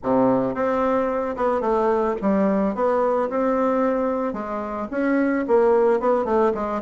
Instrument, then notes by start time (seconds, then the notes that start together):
bassoon
0.03 C3
0.54 C4
1.36 B3
1.60 A3
2.21 G3
2.74 B3
3.29 C4
4.33 G#3
4.90 C#4
5.47 A#3
6.00 B3
6.24 A3
6.54 G#3